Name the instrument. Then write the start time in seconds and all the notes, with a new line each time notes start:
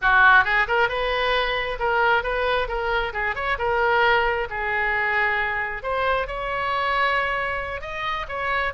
oboe
0.01 F#4
0.44 G#4
0.67 A#4
0.89 B4
1.79 A#4
2.23 B4
2.68 A#4
3.13 G#4
3.35 C#5
3.58 A#4
4.50 G#4
5.82 C5
6.27 C#5
7.81 D#5
8.28 C#5